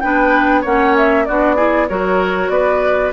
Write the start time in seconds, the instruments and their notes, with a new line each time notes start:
0.00 bassoon B3, clarinet D4, oboe B4, flute G5
0.61 bassoon A#3, clarinet C#4, oboe C#5, flute F#5
0.97 flute E5
1.25 bassoon B3, clarinet D4, oboe F#4, flute D5
1.56 clarinet E4, oboe G#4
1.88 bassoon F#3, clarinet F#4, oboe A#4, flute C#5
2.49 bassoon B3, oboe B4, flute D5